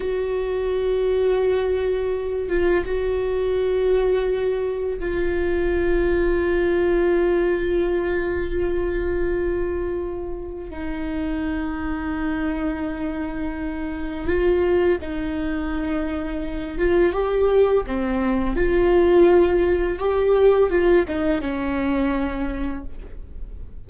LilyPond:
\new Staff \with { instrumentName = "viola" } { \time 4/4 \tempo 4 = 84 fis'2.~ fis'8 f'8 | fis'2. f'4~ | f'1~ | f'2. dis'4~ |
dis'1 | f'4 dis'2~ dis'8 f'8 | g'4 c'4 f'2 | g'4 f'8 dis'8 cis'2 | }